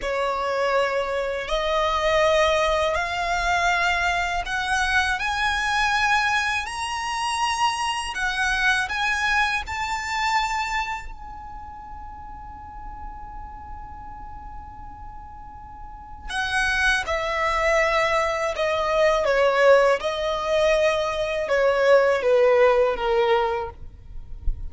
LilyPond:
\new Staff \with { instrumentName = "violin" } { \time 4/4 \tempo 4 = 81 cis''2 dis''2 | f''2 fis''4 gis''4~ | gis''4 ais''2 fis''4 | gis''4 a''2 gis''4~ |
gis''1~ | gis''2 fis''4 e''4~ | e''4 dis''4 cis''4 dis''4~ | dis''4 cis''4 b'4 ais'4 | }